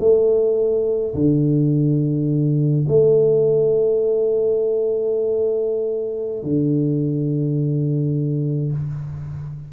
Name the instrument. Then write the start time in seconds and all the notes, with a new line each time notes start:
tuba
0.00 A3
1.15 D3
2.88 A3
6.44 D3